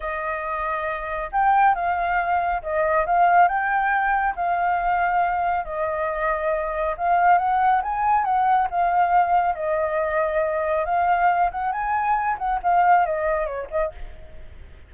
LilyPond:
\new Staff \with { instrumentName = "flute" } { \time 4/4 \tempo 4 = 138 dis''2. g''4 | f''2 dis''4 f''4 | g''2 f''2~ | f''4 dis''2. |
f''4 fis''4 gis''4 fis''4 | f''2 dis''2~ | dis''4 f''4. fis''8 gis''4~ | gis''8 fis''8 f''4 dis''4 cis''8 dis''8 | }